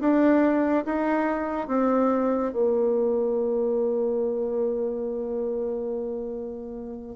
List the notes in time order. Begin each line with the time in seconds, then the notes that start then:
0.00 D4
0.86 D#4
1.68 C4
2.53 A#3